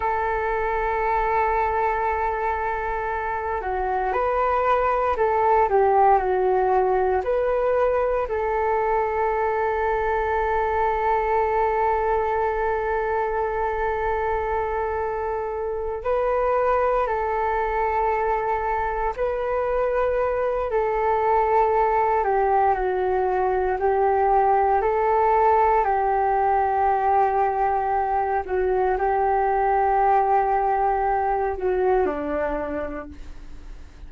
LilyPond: \new Staff \with { instrumentName = "flute" } { \time 4/4 \tempo 4 = 58 a'2.~ a'8 fis'8 | b'4 a'8 g'8 fis'4 b'4 | a'1~ | a'2.~ a'8 b'8~ |
b'8 a'2 b'4. | a'4. g'8 fis'4 g'4 | a'4 g'2~ g'8 fis'8 | g'2~ g'8 fis'8 d'4 | }